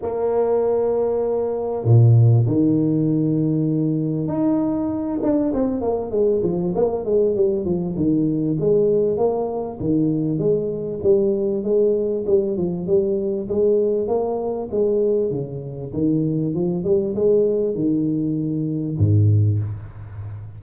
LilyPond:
\new Staff \with { instrumentName = "tuba" } { \time 4/4 \tempo 4 = 98 ais2. ais,4 | dis2. dis'4~ | dis'8 d'8 c'8 ais8 gis8 f8 ais8 gis8 | g8 f8 dis4 gis4 ais4 |
dis4 gis4 g4 gis4 | g8 f8 g4 gis4 ais4 | gis4 cis4 dis4 f8 g8 | gis4 dis2 gis,4 | }